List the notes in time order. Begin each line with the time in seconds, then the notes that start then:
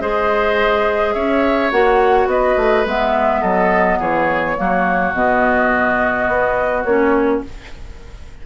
0.00 G#3 G#4 C5 D#5
1.13 C#4 C#5 E5
1.71 A#3 F#4 F#5
2.26 B3 B4 D#5
2.56 A3
2.85 G#3 B3 E5
3.41 F#3 A4 D#5
3.98 E3 G#4 C#5
4.56 F#3 A#3 F#4
5.13 B2 B3 D#5
6.27 B3
6.84 A#3 C#4 C#5